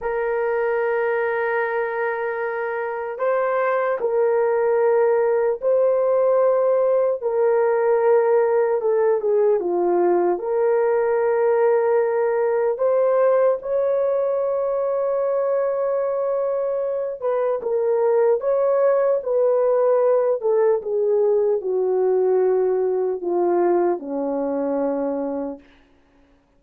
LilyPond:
\new Staff \with { instrumentName = "horn" } { \time 4/4 \tempo 4 = 75 ais'1 | c''4 ais'2 c''4~ | c''4 ais'2 a'8 gis'8 | f'4 ais'2. |
c''4 cis''2.~ | cis''4. b'8 ais'4 cis''4 | b'4. a'8 gis'4 fis'4~ | fis'4 f'4 cis'2 | }